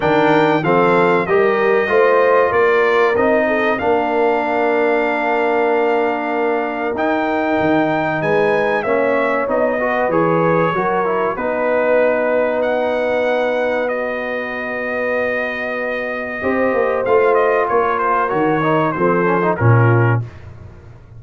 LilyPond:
<<
  \new Staff \with { instrumentName = "trumpet" } { \time 4/4 \tempo 4 = 95 g''4 f''4 dis''2 | d''4 dis''4 f''2~ | f''2. g''4~ | g''4 gis''4 e''4 dis''4 |
cis''2 b'2 | fis''2 dis''2~ | dis''2. f''8 dis''8 | cis''8 c''8 cis''4 c''4 ais'4 | }
  \new Staff \with { instrumentName = "horn" } { \time 4/4 ais'4 a'4 ais'4 c''4 | ais'4. a'8 ais'2~ | ais'1~ | ais'4 b'4 cis''4. b'8~ |
b'4 ais'4 b'2~ | b'1~ | b'2 c''2 | ais'2 a'4 f'4 | }
  \new Staff \with { instrumentName = "trombone" } { \time 4/4 d'4 c'4 g'4 f'4~ | f'4 dis'4 d'2~ | d'2. dis'4~ | dis'2 cis'4 dis'8 fis'8 |
gis'4 fis'8 e'8 dis'2~ | dis'2 fis'2~ | fis'2 g'4 f'4~ | f'4 fis'8 dis'8 c'8 cis'16 dis'16 cis'4 | }
  \new Staff \with { instrumentName = "tuba" } { \time 4/4 dis4 f4 g4 a4 | ais4 c'4 ais2~ | ais2. dis'4 | dis4 gis4 ais4 b4 |
e4 fis4 b2~ | b1~ | b2 c'8 ais8 a4 | ais4 dis4 f4 ais,4 | }
>>